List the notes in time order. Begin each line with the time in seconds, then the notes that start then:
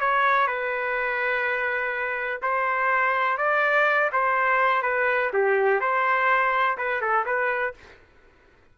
0.00 C#5
0.47 B4
2.42 C5
3.37 D5
4.12 C5
4.82 B4
5.33 G4
5.80 C5
6.77 B4
7.01 A4
7.25 B4